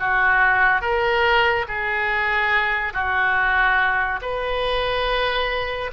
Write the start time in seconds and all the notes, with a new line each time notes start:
0.00 F#4
0.81 A#4
1.68 G#4
2.93 F#4
4.22 B4